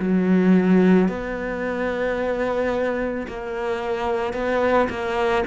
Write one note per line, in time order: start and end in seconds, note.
0.00 1.09 F#3
1.09 3.27 B3
3.28 4.34 A#3
4.34 4.88 B3
4.90 5.44 A#3